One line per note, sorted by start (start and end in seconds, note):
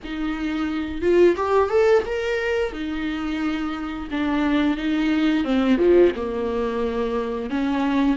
0.03 1.01 D#4
1.01 1.35 F4
1.36 1.69 G4
1.69 2.03 A4
2.05 2.72 A#4
2.72 4.08 D#4
4.10 4.77 D4
4.77 5.44 D#4
5.44 5.78 C4
5.78 6.12 F3
6.15 7.50 A#3
7.50 8.16 C#4